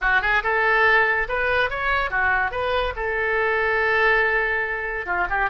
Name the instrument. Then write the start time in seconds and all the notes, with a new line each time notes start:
oboe
0.01 F#4
0.21 G#4
0.43 A4
1.28 B4
1.70 C#5
2.10 F#4
2.51 B4
2.96 A4
5.06 F4
5.29 G4